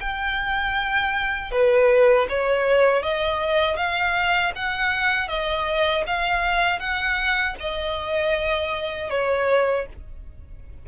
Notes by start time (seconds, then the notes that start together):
0.00 G5
1.51 B4
2.29 C#5
3.02 D#5
3.76 F5
4.55 F#5
5.28 D#5
6.07 F5
6.79 F#5
7.60 D#5
9.10 C#5